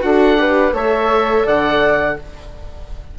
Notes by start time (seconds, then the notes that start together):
0.00 D4 F#4 A4 F#5
0.38 G4 B4
0.73 A3 A4 C#5 E5
1.45 D3 D5 F#5